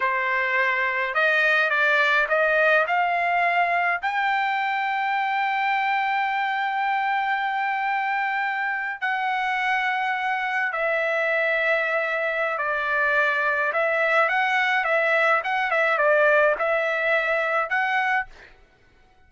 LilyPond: \new Staff \with { instrumentName = "trumpet" } { \time 4/4 \tempo 4 = 105 c''2 dis''4 d''4 | dis''4 f''2 g''4~ | g''1~ | g''2.~ g''8. fis''16~ |
fis''2~ fis''8. e''4~ e''16~ | e''2 d''2 | e''4 fis''4 e''4 fis''8 e''8 | d''4 e''2 fis''4 | }